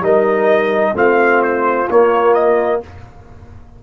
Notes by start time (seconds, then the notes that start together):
0.00 G3 D#4 A#4 D#5
0.94 A3 C4 F4 F5
1.42 C5
1.89 A#3 C#5
2.34 D#5